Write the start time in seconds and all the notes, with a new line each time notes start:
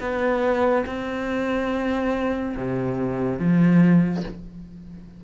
0.00 B3
0.86 C4
2.56 C3
3.39 F3